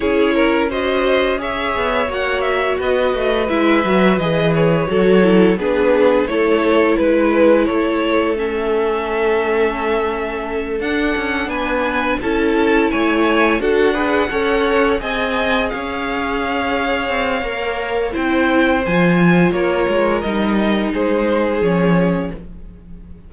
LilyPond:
<<
  \new Staff \with { instrumentName = "violin" } { \time 4/4 \tempo 4 = 86 cis''4 dis''4 e''4 fis''8 e''8 | dis''4 e''4 dis''8 cis''4. | b'4 cis''4 b'4 cis''4 | e''2.~ e''8 fis''8~ |
fis''8 gis''4 a''4 gis''4 fis''8~ | fis''4. gis''4 f''4.~ | f''2 g''4 gis''4 | cis''4 dis''4 c''4 cis''4 | }
  \new Staff \with { instrumentName = "violin" } { \time 4/4 gis'8 ais'8 c''4 cis''2 | b'2. a'4 | gis'4 a'4 b'4 a'4~ | a'1~ |
a'8 b'4 a'4 cis''4 a'8 | b'8 cis''4 dis''4 cis''4.~ | cis''2 c''2 | ais'2 gis'2 | }
  \new Staff \with { instrumentName = "viola" } { \time 4/4 e'4 fis'4 gis'4 fis'4~ | fis'4 e'8 fis'8 gis'4 fis'8 e'8 | d'4 e'2. | cis'2.~ cis'8 d'8~ |
d'4. e'2 fis'8 | gis'8 a'4 gis'2~ gis'8~ | gis'4 ais'4 e'4 f'4~ | f'4 dis'2 cis'4 | }
  \new Staff \with { instrumentName = "cello" } { \time 4/4 cis'2~ cis'8 b8 ais4 | b8 a8 gis8 fis8 e4 fis4 | b4 a4 gis4 a4~ | a2.~ a8 d'8 |
cis'8 b4 cis'4 a4 d'8~ | d'8 cis'4 c'4 cis'4.~ | cis'8 c'8 ais4 c'4 f4 | ais8 gis8 g4 gis4 f4 | }
>>